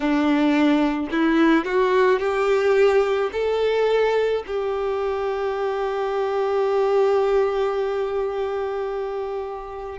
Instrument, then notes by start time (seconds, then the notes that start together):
violin
0.00 D4
1.11 E4
1.64 F#4
2.19 G4
3.32 A4
4.46 G4